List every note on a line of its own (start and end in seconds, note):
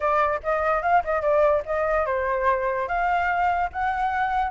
0.00 0.40 D5
0.43 0.82 D#5
0.82 1.03 F5
1.04 1.21 D#5
1.21 1.62 D5
1.65 2.06 D#5
2.06 2.87 C5
2.87 3.70 F5
3.72 4.50 F#5